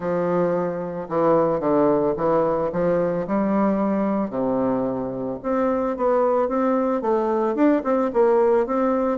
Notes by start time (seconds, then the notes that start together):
0.00 F3
1.08 E3
1.60 D3
2.16 E3
2.72 F3
3.27 G3
4.30 C3
5.42 C4
5.96 B3
6.48 C4
7.01 A3
7.55 D4
7.84 C4
8.13 A#3
8.66 C4